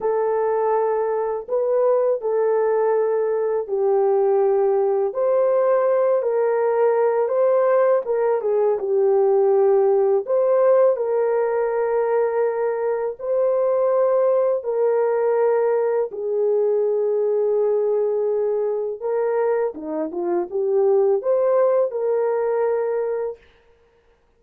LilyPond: \new Staff \with { instrumentName = "horn" } { \time 4/4 \tempo 4 = 82 a'2 b'4 a'4~ | a'4 g'2 c''4~ | c''8 ais'4. c''4 ais'8 gis'8 | g'2 c''4 ais'4~ |
ais'2 c''2 | ais'2 gis'2~ | gis'2 ais'4 dis'8 f'8 | g'4 c''4 ais'2 | }